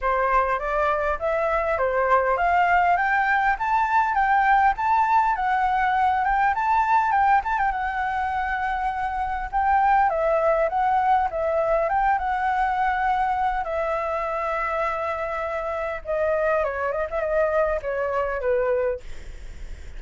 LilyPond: \new Staff \with { instrumentName = "flute" } { \time 4/4 \tempo 4 = 101 c''4 d''4 e''4 c''4 | f''4 g''4 a''4 g''4 | a''4 fis''4. g''8 a''4 | g''8 a''16 g''16 fis''2. |
g''4 e''4 fis''4 e''4 | g''8 fis''2~ fis''8 e''4~ | e''2. dis''4 | cis''8 dis''16 e''16 dis''4 cis''4 b'4 | }